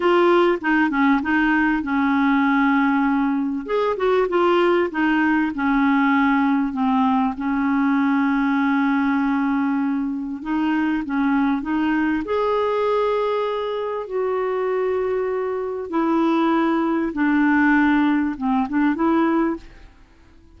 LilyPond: \new Staff \with { instrumentName = "clarinet" } { \time 4/4 \tempo 4 = 98 f'4 dis'8 cis'8 dis'4 cis'4~ | cis'2 gis'8 fis'8 f'4 | dis'4 cis'2 c'4 | cis'1~ |
cis'4 dis'4 cis'4 dis'4 | gis'2. fis'4~ | fis'2 e'2 | d'2 c'8 d'8 e'4 | }